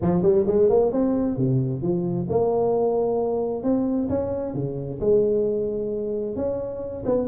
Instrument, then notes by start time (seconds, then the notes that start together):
tuba
0.01 F3
0.22 G3
0.46 G#3
0.69 A#3
0.92 C4
1.36 C3
1.82 F3
2.29 A#3
3.63 C4
4.09 C#4
4.54 C#3
5.00 G#3
6.36 C#4
7.05 B3